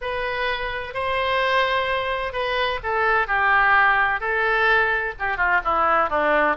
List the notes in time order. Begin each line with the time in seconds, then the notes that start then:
0.01 B4
0.94 C5
2.32 B4
2.83 A4
3.27 G4
4.20 A4
5.19 G4
5.37 F4
5.64 E4
6.09 D4